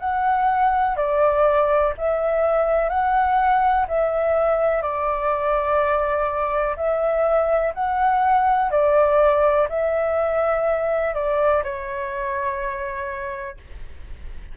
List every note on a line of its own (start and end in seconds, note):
0.00 0.97 F#5
0.97 1.94 D5
1.98 2.89 E5
2.89 3.86 F#5
3.88 4.82 E5
4.82 6.76 D5
6.77 7.73 E5
7.74 8.71 F#5
8.71 9.68 D5
9.69 11.14 E5
11.15 11.63 D5
11.64 13.57 C#5